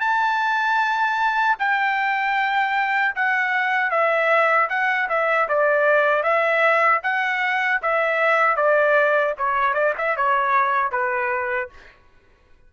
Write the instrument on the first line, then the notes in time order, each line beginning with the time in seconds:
trumpet
0.00 A5
1.59 G5
3.15 F#5
3.90 E5
4.69 F#5
5.09 E5
5.48 D5
6.23 E5
7.03 F#5
7.82 E5
8.56 D5
9.37 C#5
9.74 D5
9.97 E5
10.17 C#5
10.91 B4